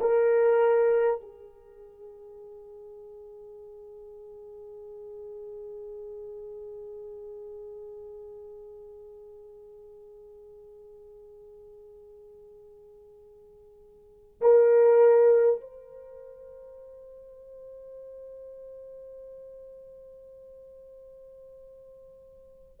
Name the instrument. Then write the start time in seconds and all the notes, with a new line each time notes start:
horn
0.00 A#4
1.21 G#4
14.41 A#4
15.60 C5